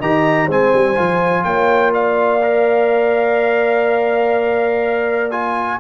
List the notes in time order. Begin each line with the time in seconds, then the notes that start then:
0.00 D#3 G4 D#5 A#5
0.47 G#3 C4 C5 G#5
0.74 G3
0.96 F3 F4
1.44 A#3 C#5 G5
1.94 D5 F5
2.43 A#4
5.31 F4 G#5